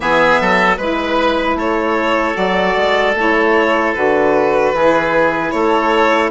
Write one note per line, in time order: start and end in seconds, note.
0.00 0.38 E3
0.00 0.76 B3
0.00 0.40 G#4
0.00 0.78 E5
0.40 0.77 F#3
0.40 0.77 A4
0.77 1.55 G#3
0.77 2.34 E4
0.77 1.56 B4
0.77 1.57 B4
1.55 2.34 A3
1.55 4.73 A4
1.55 2.36 C#5
2.34 2.76 F#3
2.34 3.12 F#4
2.34 3.15 D5
2.76 3.14 G#3
3.14 3.93 A3
3.14 3.95 E4
3.14 3.93 C#5
3.93 4.72 D3
3.93 4.74 F#4
3.93 5.51 B4
4.72 5.51 E3
4.72 6.30 E4
4.72 5.54 G#4
5.51 6.30 A3
5.51 6.30 A4
5.51 6.30 C#5